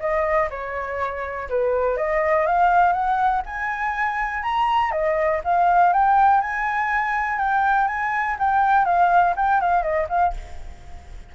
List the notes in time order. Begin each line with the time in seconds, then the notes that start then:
0.00 D#5
0.50 C#5
1.49 B4
1.97 D#5
2.46 F5
2.93 F#5
3.46 G#5
4.43 A#5
4.91 D#5
5.44 F5
5.93 G5
6.41 G#5
7.39 G5
7.88 G#5
8.39 G5
8.85 F5
9.36 G5
9.61 F5
9.82 D#5
10.09 F5